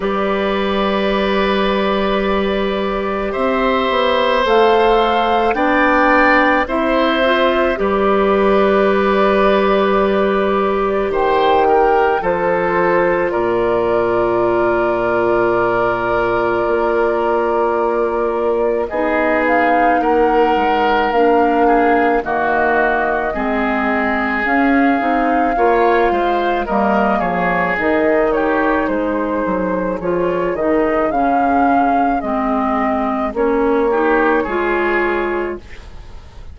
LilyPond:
<<
  \new Staff \with { instrumentName = "flute" } { \time 4/4 \tempo 4 = 54 d''2. e''4 | f''4 g''4 e''4 d''4~ | d''2 g''4 c''4 | d''1~ |
d''4 dis''8 f''8 fis''4 f''4 | dis''2 f''2 | dis''8 cis''8 dis''8 cis''8 c''4 cis''8 dis''8 | f''4 dis''4 cis''2 | }
  \new Staff \with { instrumentName = "oboe" } { \time 4/4 b'2. c''4~ | c''4 d''4 c''4 b'4~ | b'2 c''8 ais'8 a'4 | ais'1~ |
ais'4 gis'4 ais'4. gis'8 | fis'4 gis'2 cis''8 c''8 | ais'8 gis'4 g'8 gis'2~ | gis'2~ gis'8 g'8 gis'4 | }
  \new Staff \with { instrumentName = "clarinet" } { \time 4/4 g'1 | a'4 d'4 e'8 f'8 g'4~ | g'2. f'4~ | f'1~ |
f'4 dis'2 d'4 | ais4 c'4 cis'8 dis'8 f'4 | ais4 dis'2 f'8 dis'8 | cis'4 c'4 cis'8 dis'8 f'4 | }
  \new Staff \with { instrumentName = "bassoon" } { \time 4/4 g2. c'8 b8 | a4 b4 c'4 g4~ | g2 dis4 f4 | ais,2. ais4~ |
ais4 b4 ais8 gis8 ais4 | dis4 gis4 cis'8 c'8 ais8 gis8 | g8 f8 dis4 gis8 fis8 f8 dis8 | cis4 gis4 ais4 gis4 | }
>>